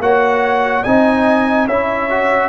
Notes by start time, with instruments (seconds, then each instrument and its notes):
0.00 tuba A#3, trombone F#4, horn C#5, trumpet F#5
0.83 tuba C4, trombone D#4, horn D#5, trumpet G#5
1.67 tuba C#4, trombone E4, horn C#5, trumpet E5
2.10 trombone F#4